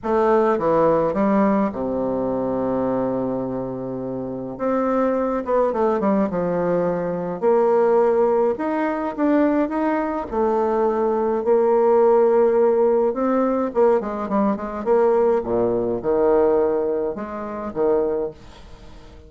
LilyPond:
\new Staff \with { instrumentName = "bassoon" } { \time 4/4 \tempo 4 = 105 a4 e4 g4 c4~ | c1 | c'4. b8 a8 g8 f4~ | f4 ais2 dis'4 |
d'4 dis'4 a2 | ais2. c'4 | ais8 gis8 g8 gis8 ais4 ais,4 | dis2 gis4 dis4 | }